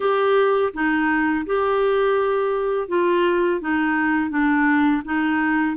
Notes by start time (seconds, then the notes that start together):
0.00 G4
0.73 D#4
1.46 G4
2.88 F4
3.60 D#4
4.30 D4
5.04 D#4